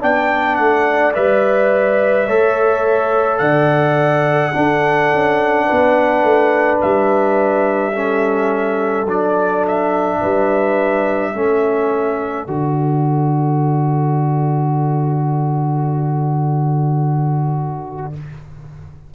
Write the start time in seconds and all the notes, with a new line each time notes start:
0.00 B3 D4 D5 G5
0.56 A3 F#5
1.15 G3 B4 E5
2.28 A3 A4 C#5
3.39 D3 D5 F#5
4.53 D4 A4
5.13 C#4
5.67 B3 B4
6.23 A3
6.82 G3 E5
7.93 C#4 A4
9.06 F#3 D4 D5
9.68 E5
10.21 G3 B4
11.33 A3 C#4 A4
12.47 D3 F#4 D5